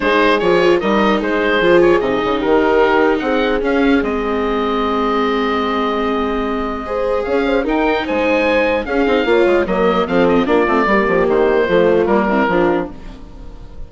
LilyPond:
<<
  \new Staff \with { instrumentName = "oboe" } { \time 4/4 \tempo 4 = 149 c''4 cis''4 dis''4 c''4~ | c''8 cis''8 dis''4 ais'2 | fis''4 f''4 dis''2~ | dis''1~ |
dis''2 f''4 g''4 | gis''2 f''2 | dis''4 f''8 dis''8 d''2 | c''2 ais'2 | }
  \new Staff \with { instrumentName = "horn" } { \time 4/4 gis'2 ais'4 gis'4~ | gis'2 g'2 | gis'1~ | gis'1~ |
gis'4 c''4 cis''8 c''8 ais'4 | c''2 gis'4 cis''4 | ais'4 a'4 f'4 g'4~ | g'4 f'4. e'8 f'4 | }
  \new Staff \with { instrumentName = "viola" } { \time 4/4 dis'4 f'4 dis'2 | f'4 dis'2.~ | dis'4 cis'4 c'2~ | c'1~ |
c'4 gis'2 dis'4~ | dis'2 cis'8 dis'8 f'4 | ais4 c'4 d'8 c'8 ais4~ | ais4 a4 ais8 c'8 d'4 | }
  \new Staff \with { instrumentName = "bassoon" } { \time 4/4 gis4 f4 g4 gis4 | f4 c8 cis8 dis2 | c'4 cis'4 gis2~ | gis1~ |
gis2 cis'4 dis'4 | gis2 cis'8 c'8 ais8 gis8 | fis4 f4 ais8 a8 g8 f8 | dis4 f4 g4 f4 | }
>>